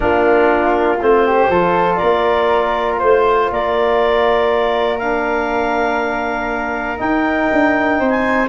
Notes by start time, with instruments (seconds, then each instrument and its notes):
0.00 tuba A#3, trombone D4, flute F4, clarinet A#4
1.00 tuba A3, trombone C4, clarinet C5
1.26 flute G4
1.49 tuba F3, trombone F4, flute A4
1.95 flute A#4, clarinet D5
2.02 tuba A#3
2.99 tuba A3, flute C5, clarinet C5
3.50 tuba A#3, flute A#4, clarinet D5
4.98 trombone D4, clarinet F5
6.97 trombone D#4, tuba D#4, clarinet G5
7.52 tuba D4
7.99 tuba C4, flute C5
8.10 clarinet G#5